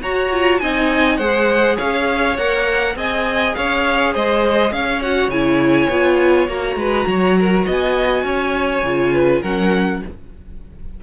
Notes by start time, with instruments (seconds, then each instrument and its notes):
0.00 viola F#4, cello F#4, violin C#5 A#5
0.32 viola F4
0.58 cello C4, viola D#4, violin D#5 G#5
1.17 cello G#3, viola G#4, violin C5 F#5
1.75 cello C#4, violin C#5 F5
2.37 cello A#3, viola A#4, violin F#5
2.95 cello C4, viola G#4, violin D#5 G#5
3.54 cello C#4, violin C#5 F5
4.13 cello G#3, violin C5 D#5
4.71 cello C#4, violin C#5 F5
5.02 viola F#4, violin F#5
5.28 cello C#3, viola E4, violin G#5
5.89 cello B3, viola F4
6.48 cello A#3, viola F#4, violin A#5
6.75 cello G#3, violin B4
7.06 cello F#3, violin C#5
7.40 violin A#4
7.65 cello B3, violin D#5 G#5
8.23 cello C#4, violin C#5
8.82 cello C#3, viola F4
9.13 violin B4
9.41 cello F#3, viola C#4, violin A#4 F#5